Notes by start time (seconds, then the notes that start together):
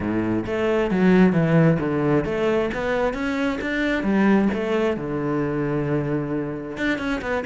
0.00 A2
0.46 A3
0.90 F#3
1.32 E3
1.79 D3
2.25 A3
2.74 B3
3.13 C#4
3.61 D4
4.03 G3
4.53 A3
4.96 D3
6.77 D4
6.98 C#4
7.21 B3